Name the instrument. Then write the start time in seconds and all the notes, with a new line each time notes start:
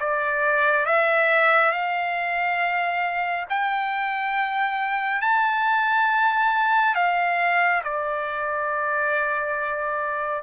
trumpet
0.00 D5
0.86 E5
1.72 F5
3.50 G5
5.22 A5
6.96 F5
7.85 D5